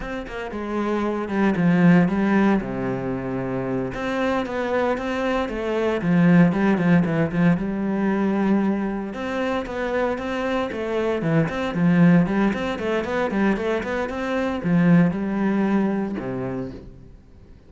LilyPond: \new Staff \with { instrumentName = "cello" } { \time 4/4 \tempo 4 = 115 c'8 ais8 gis4. g8 f4 | g4 c2~ c8 c'8~ | c'8 b4 c'4 a4 f8~ | f8 g8 f8 e8 f8 g4.~ |
g4. c'4 b4 c'8~ | c'8 a4 e8 c'8 f4 g8 | c'8 a8 b8 g8 a8 b8 c'4 | f4 g2 c4 | }